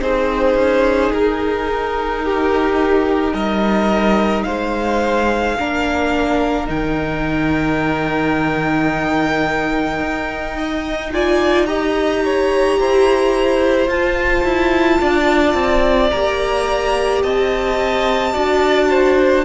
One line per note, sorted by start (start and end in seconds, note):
0.00 0.54 C4
0.00 5.57 D#4
0.00 2.24 G#4
0.00 1.12 C5
0.54 1.10 C#4
1.12 3.33 D#4
1.12 3.34 A#4
2.24 3.33 G4
3.33 4.44 G3
3.33 4.44 A#4
3.33 4.43 D#5
4.43 5.59 G#3
4.43 5.56 C5
4.43 6.65 F5
5.57 6.69 A#3
5.57 6.66 D4
5.57 10.57 A#4
6.66 10.00 D#3
6.66 11.11 D#4
6.66 11.12 G5
10.00 12.78 D#4
10.57 11.12 D#5
11.12 11.67 F4
11.12 11.67 D5
11.12 11.66 G#5
11.66 13.89 G4
11.66 12.23 D#5
11.66 13.88 A#5
12.25 12.79 C#5
12.79 13.87 E4
12.79 15.00 C5
13.87 14.43 F4
13.87 16.12 F4
13.87 16.10 A5
14.43 14.99 E4
15.00 15.54 D4
15.00 17.23 D5
15.54 16.09 C4
16.10 17.23 A#3
16.10 18.33 G4
16.10 17.22 A#5
17.23 18.34 C4
17.23 18.33 D#5
17.23 19.44 A5
18.33 19.44 D4
18.33 19.44 F#4
18.33 18.88 D5
18.89 19.44 C5